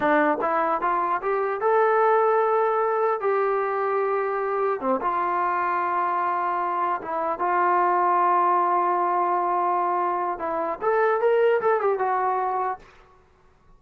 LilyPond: \new Staff \with { instrumentName = "trombone" } { \time 4/4 \tempo 4 = 150 d'4 e'4 f'4 g'4 | a'1 | g'1 | c'8 f'2.~ f'8~ |
f'4. e'4 f'4.~ | f'1~ | f'2 e'4 a'4 | ais'4 a'8 g'8 fis'2 | }